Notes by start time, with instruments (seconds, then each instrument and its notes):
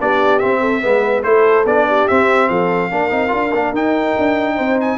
0.00 tuba B3, trombone D4, horn G4, trumpet D5
0.39 trombone C4, tuba C4, trumpet E5
0.60 horn A4
0.81 tuba G#3, trombone B3, horn B4
1.23 tuba A3, trombone E4, horn A4, trumpet C5
1.65 tuba B3, trombone D4, trumpet D5
1.87 horn G4
2.08 trombone C4, tuba C4, trumpet E5
2.49 tuba F3, horn A4, trumpet F5
2.91 tuba A#3, trombone D4, horn A#4
3.10 tuba C4, trombone D#4
3.29 tuba D4, trombone F4
3.53 tuba A#3, trombone D4
3.72 tuba D#4, trombone D#4, trumpet G5
4.18 tuba D4
4.55 tuba C4, horn C5
4.81 trumpet G#5